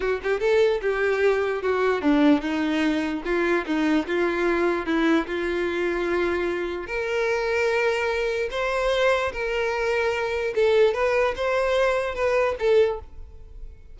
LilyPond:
\new Staff \with { instrumentName = "violin" } { \time 4/4 \tempo 4 = 148 fis'8 g'8 a'4 g'2 | fis'4 d'4 dis'2 | f'4 dis'4 f'2 | e'4 f'2.~ |
f'4 ais'2.~ | ais'4 c''2 ais'4~ | ais'2 a'4 b'4 | c''2 b'4 a'4 | }